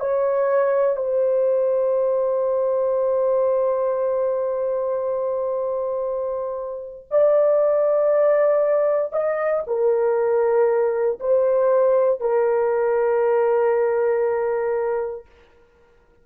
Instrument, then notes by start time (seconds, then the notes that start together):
horn
0.00 C#5
0.97 C5
7.11 D5
9.12 D#5
9.67 A#4
11.20 C5
12.21 A#4